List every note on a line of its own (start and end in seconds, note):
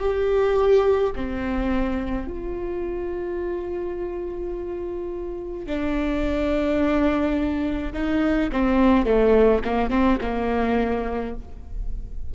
0.00 1.13 G4
1.16 2.27 C4
2.27 5.67 F4
5.67 7.93 D4
7.93 8.50 D#4
8.52 9.06 C4
9.06 9.62 A3
9.65 9.90 A#3
9.90 10.18 C4
10.21 11.34 A#3